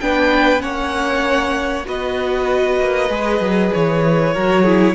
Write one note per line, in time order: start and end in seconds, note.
0.00 0.63 B3
0.00 0.59 D4
0.00 0.62 B4
0.00 0.61 G5
0.59 1.86 A#3
0.59 1.83 C#4
0.59 1.86 C#5
0.59 1.85 F#5
1.85 2.79 B3
1.85 3.08 F#4
1.85 4.34 B4
1.85 3.74 D#5
2.79 3.09 A#3
3.09 3.40 G#3
3.09 4.33 G#4
3.40 3.71 F#3
3.74 4.36 E3
3.74 4.94 C#5
4.34 4.94 F#3
4.34 4.65 F#4
4.34 4.63 A#4
4.63 4.94 E4
4.63 4.94 G#4